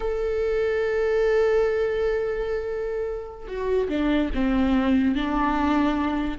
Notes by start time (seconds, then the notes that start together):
0.00 A4
3.47 F#4
3.89 D4
4.34 C4
5.15 D4